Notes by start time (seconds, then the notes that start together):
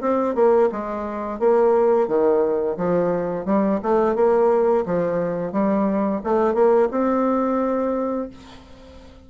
0.00 C4
0.34 A#3
0.71 G#3
1.39 A#3
2.07 D#3
2.77 F3
3.45 G3
3.82 A3
4.15 A#3
4.85 F3
5.52 G3
6.23 A3
6.54 A#3
6.91 C4